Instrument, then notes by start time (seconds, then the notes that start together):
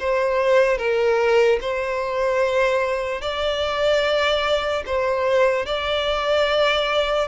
violin
0.00 C5
0.78 A#4
1.61 C5
3.21 D5
4.86 C5
5.66 D5